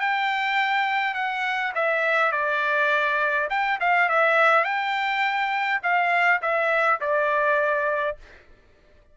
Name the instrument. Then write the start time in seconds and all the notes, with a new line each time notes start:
trumpet
0.00 G5
1.14 F#5
1.75 E5
2.31 D5
3.50 G5
3.80 F5
4.09 E5
4.64 G5
5.83 F5
6.42 E5
7.00 D5